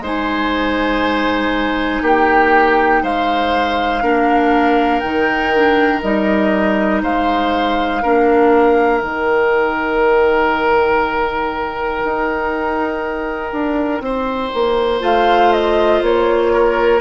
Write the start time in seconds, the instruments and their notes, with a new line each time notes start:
0.00 bassoon G#3, clarinet D#4, oboe C5
0.06 flute G#5
2.02 bassoon A#3, oboe G4, flute G5
3.03 bassoon G#3, oboe C5, flute F5
4.02 bassoon A#3, clarinet D4, oboe A#4
5.00 bassoon D#3, clarinet D#4, flute G5
5.55 clarinet D4
6.01 bassoon G3, clarinet D#4, flute D#5
7.02 bassoon G#3, oboe C5, flute F5
8.03 bassoon A#3, clarinet D4, oboe A#4
9.01 bassoon D#3, clarinet D#4, flute G5
12.04 bassoon D#4
13.53 bassoon D4
14.01 bassoon C4, oboe C5
14.54 bassoon A#3
15.00 bassoon A3, clarinet F4, flute F5
15.53 flute D#5
16.02 bassoon A#3, flute C#5
16.53 oboe A#4